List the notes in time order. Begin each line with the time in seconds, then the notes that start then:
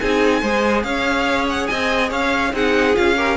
0.00 C4 D#4 G#4 G#5
0.42 G#3 G#4 C5
0.83 C#4 C#5 F5
1.50 F#5
1.67 C4 D#5 G#5
2.10 C#4 C#5 F5
2.53 C4 D#4 G#4 F#5
2.94 C#4 F4 F5
3.17 G4 A#4